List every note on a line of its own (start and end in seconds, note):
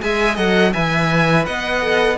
0.00 0.37 G#3
0.00 0.36 G#4
0.00 0.35 E5
0.00 0.37 G#5
0.35 0.73 F#3
0.35 0.72 A4
0.35 0.71 D#5
0.35 0.73 F#5
0.73 1.47 E3
0.73 1.81 B4
0.73 1.45 E5
0.73 1.45 G#5
1.45 2.17 B3
1.45 2.17 D#5
1.45 2.17 F#5
1.81 2.17 A4